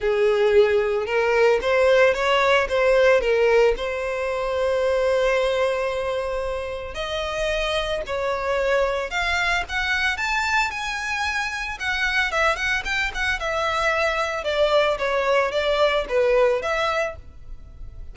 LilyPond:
\new Staff \with { instrumentName = "violin" } { \time 4/4 \tempo 4 = 112 gis'2 ais'4 c''4 | cis''4 c''4 ais'4 c''4~ | c''1~ | c''4 dis''2 cis''4~ |
cis''4 f''4 fis''4 a''4 | gis''2 fis''4 e''8 fis''8 | g''8 fis''8 e''2 d''4 | cis''4 d''4 b'4 e''4 | }